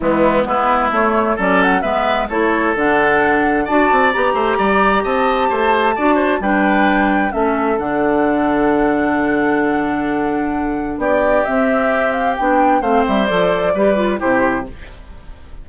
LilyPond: <<
  \new Staff \with { instrumentName = "flute" } { \time 4/4 \tempo 4 = 131 e'4 b'4 cis''4 d''8 fis''8 | e''4 cis''4 fis''2 | a''4 ais''2 a''4~ | a''2 g''2 |
e''4 fis''2.~ | fis''1 | d''4 e''4. f''8 g''4 | f''8 e''8 d''2 c''4 | }
  \new Staff \with { instrumentName = "oboe" } { \time 4/4 b4 e'2 a'4 | b'4 a'2. | d''4. c''8 d''4 dis''4 | c''4 d''8 c''8 b'2 |
a'1~ | a'1 | g'1 | c''2 b'4 g'4 | }
  \new Staff \with { instrumentName = "clarinet" } { \time 4/4 gis4 b4 a4 cis'4 | b4 e'4 d'2 | fis'4 g'2.~ | g'4 fis'4 d'2 |
cis'4 d'2.~ | d'1~ | d'4 c'2 d'4 | c'4 a'4 g'8 f'8 e'4 | }
  \new Staff \with { instrumentName = "bassoon" } { \time 4/4 e4 gis4 a4 fis4 | gis4 a4 d2 | d'8 c'8 b8 a8 g4 c'4 | a4 d'4 g2 |
a4 d2.~ | d1 | b4 c'2 b4 | a8 g8 f4 g4 c4 | }
>>